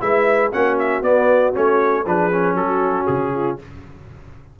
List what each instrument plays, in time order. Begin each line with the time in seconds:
0.00 tuba G#3, trombone E4, horn B4, trumpet E5
0.50 tuba A#3, trombone C#4, horn F#4, trumpet F#5
0.79 trumpet E5
1.01 tuba B3, trombone B3, trumpet D5
1.54 tuba A3, trombone C#4, trumpet C#5
2.05 tuba F3, trombone D4, horn G#4, trumpet B4
2.31 trombone C#4
2.54 tuba F#3, horn F#4, trumpet A4
3.06 tuba C#3, trumpet G#4
3.34 horn F4